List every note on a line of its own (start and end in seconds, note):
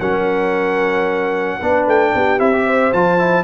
0.00 1.60 F#3
0.00 1.61 C#4
0.00 1.59 A#4
0.00 1.86 F#5
1.59 1.87 B3
1.59 2.39 D4
1.59 2.12 B4
1.87 2.14 A3
1.87 2.40 G5
2.15 2.40 B3
2.15 2.66 G4
2.39 2.93 C4
2.39 2.52 E4
2.39 2.93 E5
2.53 2.93 G4
2.66 3.44 C5
2.93 3.44 F3
2.93 3.18 F4
2.93 3.44 A5
3.18 3.44 E4